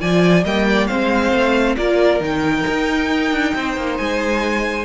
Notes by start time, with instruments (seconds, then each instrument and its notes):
0.00 cello F3, viola F4, violin D5 G#5
0.44 cello G3, viola A#3, violin D#5 G5
0.69 violin D5
0.87 cello G#3, viola C4, violin C5 F5
1.33 cello A3
1.77 cello A#3, viola F4, violin A#4 D5
2.21 cello D#3, viola D#4, violin G5
2.68 cello D#4
3.31 cello D4
3.55 cello C4, violin C5
3.77 cello A#3
3.97 cello G#3, violin G#5